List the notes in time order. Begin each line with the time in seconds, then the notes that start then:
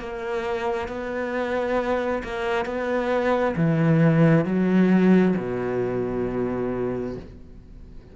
0.00 A#3
0.88 B3
2.23 A#3
2.65 B3
3.56 E3
4.45 F#3
5.37 B2